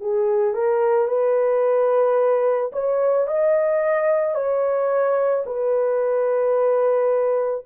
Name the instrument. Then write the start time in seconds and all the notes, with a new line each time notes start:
horn
0.00 G#4
0.54 A#4
1.08 B4
2.72 C#5
3.27 D#5
4.34 C#5
5.46 B4